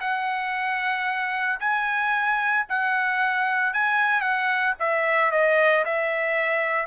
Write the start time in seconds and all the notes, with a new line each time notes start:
0.00 F#5
1.60 G#5
2.69 F#5
3.73 G#5
4.21 F#5
4.79 E5
5.31 D#5
5.85 E5